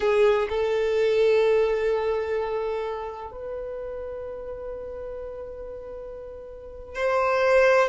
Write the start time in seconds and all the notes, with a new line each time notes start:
0.00 G#4
0.49 A4
3.31 B4
6.95 C5